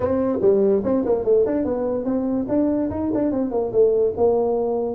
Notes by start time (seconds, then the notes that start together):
0.00 C4
0.41 G3
0.84 C4
1.05 A#3
1.24 A3
1.46 D4
1.64 B3
2.04 C4
2.48 D4
2.90 D#4
3.14 D4
3.31 C4
3.51 A#3
3.71 A3
4.16 A#3